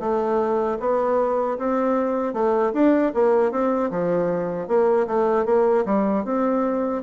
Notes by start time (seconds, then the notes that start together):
0.00 A3
0.80 B3
1.59 C4
2.33 A3
2.73 D4
3.14 A#3
3.51 C4
3.91 F3
4.68 A#3
5.07 A3
5.46 A#3
5.85 G3
6.25 C4